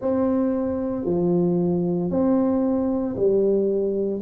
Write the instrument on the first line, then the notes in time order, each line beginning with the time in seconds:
tuba
0.00 C4
1.05 F3
2.10 C4
3.16 G3